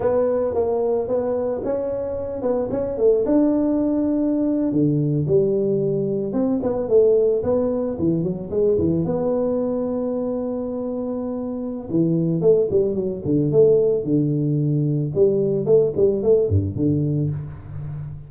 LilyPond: \new Staff \with { instrumentName = "tuba" } { \time 4/4 \tempo 4 = 111 b4 ais4 b4 cis'4~ | cis'8 b8 cis'8 a8 d'2~ | d'8. d4 g2 c'16~ | c'16 b8 a4 b4 e8 fis8 gis16~ |
gis16 e8 b2.~ b16~ | b2 e4 a8 g8 | fis8 d8 a4 d2 | g4 a8 g8 a8 g,8 d4 | }